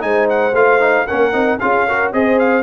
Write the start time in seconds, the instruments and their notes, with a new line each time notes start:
0.00 tuba G#3, trombone D#4, horn C5, trumpet G#5
0.30 trumpet F#5
0.53 tuba A3, trombone F4, trumpet F5
0.80 trombone D#4
1.07 tuba A#3, trombone C#4, horn A#4, trumpet F#5
1.33 tuba C4, trombone D#4
1.59 tuba C#4, trombone F4, horn G#4, trumpet F5
1.87 trombone F#4, horn A#4
2.13 tuba C4, trombone G#4, horn C5, trumpet D#5
2.39 trumpet F5